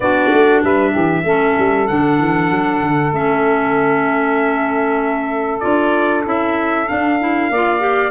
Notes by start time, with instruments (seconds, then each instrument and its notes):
0.00 tuba B3, clarinet D4, saxophone F#4, trumpet D5
0.31 tuba A3
0.63 tuba G3, saxophone B4, trumpet E5
0.90 tuba E3, saxophone G4
1.23 tuba A3, clarinet C#4, saxophone A4
1.58 tuba G3
1.87 tuba D3, clarinet D4, trumpet F#5
2.19 tuba E3
2.50 tuba F#3
2.80 tuba D3
3.12 tuba A3, clarinet C#4, trumpet E5
5.59 tuba D4, clarinet F4, trumpet D5
6.24 tuba C#4, clarinet E4, trumpet E5
6.87 clarinet D4, tuba D4, trumpet F5
7.19 clarinet E4
7.50 tuba A#3, clarinet F4, saxophone D5
7.79 clarinet G4